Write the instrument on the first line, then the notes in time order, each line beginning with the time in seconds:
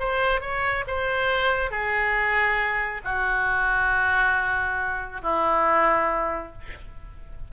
oboe
0.00 C5
0.41 C#5
0.88 C5
1.71 G#4
3.05 F#4
5.22 E4